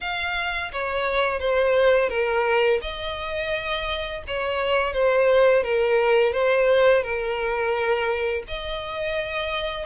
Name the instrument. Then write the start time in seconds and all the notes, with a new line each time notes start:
violin
0.01 F5
0.72 C#5
1.39 C5
2.09 A#4
2.81 D#5
4.27 C#5
4.93 C5
5.63 A#4
6.32 C5
7.02 A#4
8.47 D#5